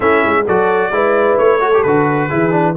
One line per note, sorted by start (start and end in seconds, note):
0.00 0.23 A3
0.00 0.45 C#4
0.00 0.44 E4
0.00 0.46 E5
0.24 0.47 G#3
0.46 0.91 F#3
0.46 0.92 F#4
0.46 0.92 A4
0.46 1.37 D5
0.91 1.37 G#3
0.91 1.60 E4
0.91 1.60 B4
1.37 1.84 A3
1.37 1.82 C#5
1.60 1.71 F#4
1.60 2.27 A4
1.73 1.85 G4
1.82 2.31 D3
1.82 2.29 F#4
1.82 2.75 B4
2.27 2.76 E3
2.27 2.51 E4
2.27 2.74 G#4
2.51 2.74 D4